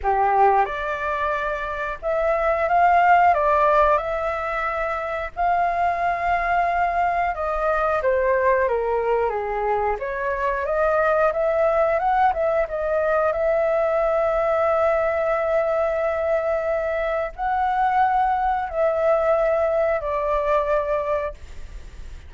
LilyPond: \new Staff \with { instrumentName = "flute" } { \time 4/4 \tempo 4 = 90 g'4 d''2 e''4 | f''4 d''4 e''2 | f''2. dis''4 | c''4 ais'4 gis'4 cis''4 |
dis''4 e''4 fis''8 e''8 dis''4 | e''1~ | e''2 fis''2 | e''2 d''2 | }